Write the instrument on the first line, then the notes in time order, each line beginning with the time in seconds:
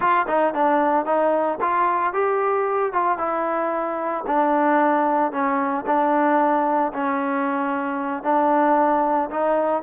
trombone
0.00 F4
0.27 D#4
0.54 D4
1.05 D#4
1.60 F4
2.13 G4
2.93 F4
3.18 E4
4.26 D4
5.31 C#4
5.86 D4
6.93 C#4
8.23 D4
9.30 D#4